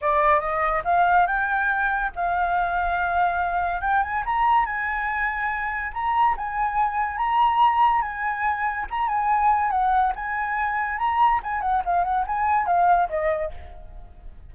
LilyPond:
\new Staff \with { instrumentName = "flute" } { \time 4/4 \tempo 4 = 142 d''4 dis''4 f''4 g''4~ | g''4 f''2.~ | f''4 g''8 gis''8 ais''4 gis''4~ | gis''2 ais''4 gis''4~ |
gis''4 ais''2 gis''4~ | gis''4 ais''8 gis''4. fis''4 | gis''2 ais''4 gis''8 fis''8 | f''8 fis''8 gis''4 f''4 dis''4 | }